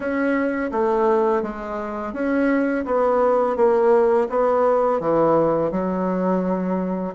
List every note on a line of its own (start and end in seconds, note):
0.00 0.70 C#4
0.71 1.42 A3
1.42 2.13 G#3
2.13 2.84 C#4
2.85 3.56 B3
3.56 4.27 A#3
4.29 5.00 B3
5.00 5.71 E3
5.71 7.14 F#3